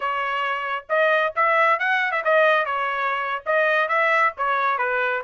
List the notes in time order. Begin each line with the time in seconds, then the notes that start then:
0.00 C#5
0.89 D#5
1.35 E5
1.79 F#5
2.11 E5
2.24 D#5
2.65 C#5
3.46 D#5
3.88 E5
4.37 C#5
4.78 B4